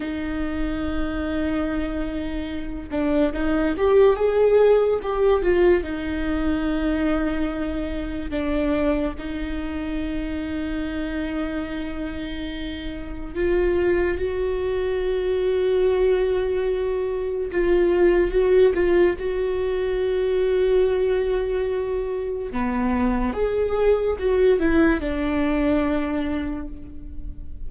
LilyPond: \new Staff \with { instrumentName = "viola" } { \time 4/4 \tempo 4 = 72 dis'2.~ dis'8 d'8 | dis'8 g'8 gis'4 g'8 f'8 dis'4~ | dis'2 d'4 dis'4~ | dis'1 |
f'4 fis'2.~ | fis'4 f'4 fis'8 f'8 fis'4~ | fis'2. b4 | gis'4 fis'8 e'8 d'2 | }